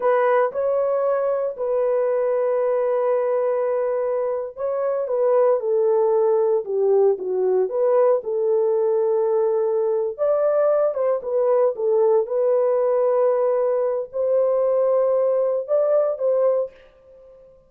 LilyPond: \new Staff \with { instrumentName = "horn" } { \time 4/4 \tempo 4 = 115 b'4 cis''2 b'4~ | b'1~ | b'8. cis''4 b'4 a'4~ a'16~ | a'8. g'4 fis'4 b'4 a'16~ |
a'2.~ a'8 d''8~ | d''4 c''8 b'4 a'4 b'8~ | b'2. c''4~ | c''2 d''4 c''4 | }